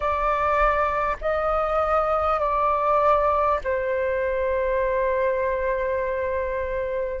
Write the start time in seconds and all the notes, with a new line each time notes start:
0.00 D5
1.21 D#5
2.39 D5
3.63 C5